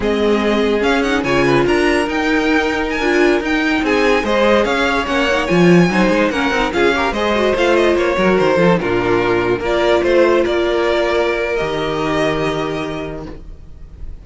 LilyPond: <<
  \new Staff \with { instrumentName = "violin" } { \time 4/4 \tempo 4 = 145 dis''2 f''8 fis''8 gis''4 | ais''4 g''2 gis''4~ | gis''16 g''4 gis''4 dis''4 f''8.~ | f''16 fis''4 gis''2 fis''8.~ |
fis''16 f''4 dis''4 f''8 dis''8 cis''8.~ | cis''16 c''4 ais'2 d''8.~ | d''16 c''4 d''2~ d''8. | dis''1 | }
  \new Staff \with { instrumentName = "violin" } { \time 4/4 gis'2. cis''8 b'8 | ais'1~ | ais'4~ ais'16 gis'4 c''4 cis''8.~ | cis''2~ cis''16 c''4 ais'8.~ |
ais'16 gis'8 ais'8 c''2~ c''8 ais'16~ | ais'8. a'8 f'2 ais'8.~ | ais'16 c''4 ais'2~ ais'8.~ | ais'1 | }
  \new Staff \with { instrumentName = "viola" } { \time 4/4 c'2 cis'8 dis'8 f'4~ | f'4 dis'2~ dis'16 f'8.~ | f'16 dis'2 gis'4.~ gis'16~ | gis'16 cis'8 dis'8 f'4 dis'4 cis'8 dis'16~ |
dis'16 f'8 g'8 gis'8 fis'8 f'4. fis'16~ | fis'8. f'16 dis'16 d'2 f'8.~ | f'1 | g'1 | }
  \new Staff \with { instrumentName = "cello" } { \time 4/4 gis2 cis'4 cis4 | d'4 dis'2~ dis'16 d'8.~ | d'16 dis'4 c'4 gis4 cis'8.~ | cis'16 ais4 f4 fis8 gis8 ais8 c'16~ |
c'16 cis'4 gis4 a4 ais8 fis16~ | fis16 dis8 f8 ais,2 ais8.~ | ais16 a4 ais2~ ais8. | dis1 | }
>>